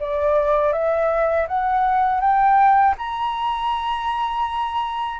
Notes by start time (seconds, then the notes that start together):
0.00 D5
0.73 E5
1.48 F#5
2.21 G5
2.98 A#5